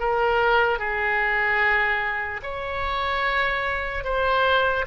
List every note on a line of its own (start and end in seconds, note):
0.00 0.79 A#4
0.79 2.41 G#4
2.43 4.05 C#5
4.05 4.86 C5